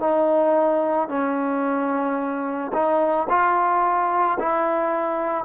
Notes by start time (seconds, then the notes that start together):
0.00 D#4
1.09 C#4
2.73 D#4
3.29 F4
4.39 E4